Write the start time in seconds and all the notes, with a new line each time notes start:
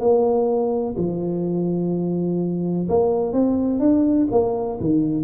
0.00 A#3
0.97 F3
2.89 A#3
3.33 C4
3.80 D4
4.32 A#3
4.81 D#3